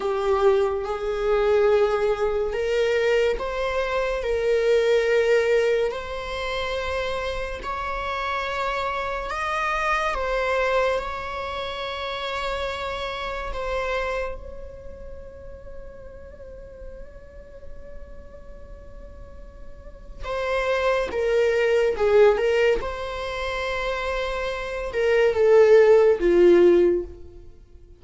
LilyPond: \new Staff \with { instrumentName = "viola" } { \time 4/4 \tempo 4 = 71 g'4 gis'2 ais'4 | c''4 ais'2 c''4~ | c''4 cis''2 dis''4 | c''4 cis''2. |
c''4 cis''2.~ | cis''1 | c''4 ais'4 gis'8 ais'8 c''4~ | c''4. ais'8 a'4 f'4 | }